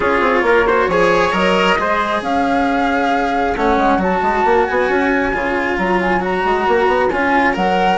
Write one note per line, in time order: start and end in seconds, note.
0.00 0.20 C#4
0.00 0.66 F4
0.00 0.43 G#4
0.00 1.32 C#5
0.20 0.42 C4
0.42 0.86 A#3
0.42 0.67 A#4
0.67 0.91 F#4
0.67 0.89 C5
0.87 1.32 F3
0.87 1.32 G#4
0.87 1.78 C#5
1.32 1.77 F#3
1.32 1.76 A#4
1.32 2.21 D#5
1.78 2.21 G#3
1.78 3.56 G#4
1.78 2.23 C5
2.21 3.54 C#4
2.21 7.98 C#5
2.21 3.56 F5
3.56 3.76 A3
3.56 3.99 C#4
3.56 4.01 F#5
3.76 3.97 G#3
3.97 4.19 F#3
3.97 5.32 F#4
3.97 4.66 A5
4.22 4.44 G#3
4.44 4.66 A#3
4.66 4.89 B3
4.66 5.77 G#5
4.89 5.33 C#4
5.33 5.78 C#3
5.33 6.20 F4
5.77 6.44 F#3
5.77 6.00 A#5
6.01 6.23 G#5
6.20 7.09 F#4
6.20 7.09 A#5
6.44 6.66 G#3
6.67 6.87 A#3
6.87 7.09 B3
7.09 7.56 C#4
7.09 7.53 F4
7.09 7.54 G#5
7.53 7.98 F#3
7.53 7.97 A#4
7.53 7.98 F#5